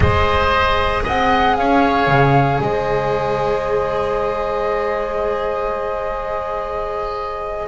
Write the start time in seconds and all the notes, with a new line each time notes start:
0.00 G#3 G#4 C5 D#5
1.03 C4 D#5 F#5
1.56 C#4 C#5 F5
2.07 C#3
2.61 G#3 C5 D#5